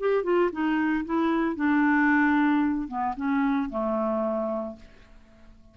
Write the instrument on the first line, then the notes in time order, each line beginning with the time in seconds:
clarinet
0.00 G4
0.24 F4
0.52 D#4
1.06 E4
1.56 D4
2.88 B3
3.17 C#4
3.70 A3